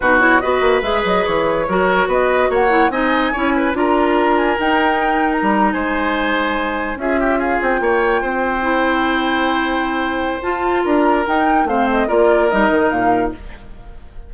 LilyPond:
<<
  \new Staff \with { instrumentName = "flute" } { \time 4/4 \tempo 4 = 144 b'8 cis''8 dis''4 e''8 dis''8 cis''4~ | cis''4 dis''4 fis''4 gis''4~ | gis''4 ais''4. gis''8 g''4~ | g''8. ais''4 gis''2~ gis''16~ |
gis''8. e''4 f''8 g''4.~ g''16~ | g''1~ | g''4 a''4 ais''4 g''4 | f''8 dis''8 d''4 dis''4 f''4 | }
  \new Staff \with { instrumentName = "oboe" } { \time 4/4 fis'4 b'2. | ais'4 b'4 cis''4 dis''4 | cis''8 b'8 ais'2.~ | ais'4.~ ais'16 c''2~ c''16~ |
c''8. gis'8 g'8 gis'4 cis''4 c''16~ | c''1~ | c''2 ais'2 | c''4 ais'2. | }
  \new Staff \with { instrumentName = "clarinet" } { \time 4/4 dis'8 e'8 fis'4 gis'2 | fis'2~ fis'8 e'8 dis'4 | e'4 f'2 dis'4~ | dis'1~ |
dis'8. f'2.~ f'16~ | f'8. e'2.~ e'16~ | e'4 f'2 dis'4 | c'4 f'4 dis'2 | }
  \new Staff \with { instrumentName = "bassoon" } { \time 4/4 b,4 b8 ais8 gis8 fis8 e4 | fis4 b4 ais4 c'4 | cis'4 d'2 dis'4~ | dis'4 g8. gis2~ gis16~ |
gis8. cis'4. c'8 ais4 c'16~ | c'1~ | c'4 f'4 d'4 dis'4 | a4 ais4 g8 dis8 ais,4 | }
>>